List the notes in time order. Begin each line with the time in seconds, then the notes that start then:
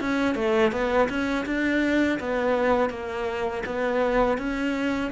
0.00 C#4
0.35 A3
0.72 B3
1.08 C#4
1.45 D4
2.20 B3
2.89 A#3
3.66 B3
4.37 C#4